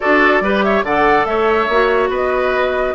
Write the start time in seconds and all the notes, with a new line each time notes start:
0.00 D4 F#4 A4 D5
0.40 G3 G4 B4
0.62 C#5 E5
0.83 D3 A4 D5 F#5
1.25 A3 C#5 E5
1.68 A#3 F#4
2.09 B3 B4 D#5